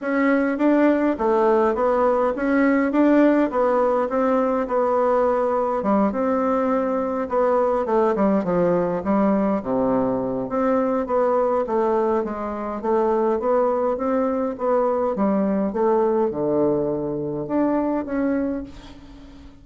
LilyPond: \new Staff \with { instrumentName = "bassoon" } { \time 4/4 \tempo 4 = 103 cis'4 d'4 a4 b4 | cis'4 d'4 b4 c'4 | b2 g8 c'4.~ | c'8 b4 a8 g8 f4 g8~ |
g8 c4. c'4 b4 | a4 gis4 a4 b4 | c'4 b4 g4 a4 | d2 d'4 cis'4 | }